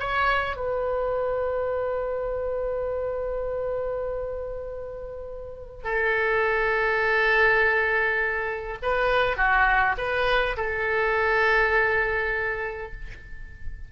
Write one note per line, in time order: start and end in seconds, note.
0.00 0.57 C#5
0.57 5.84 B4
5.84 8.79 A4
8.83 9.37 B4
9.37 9.96 F#4
9.98 10.57 B4
10.57 12.93 A4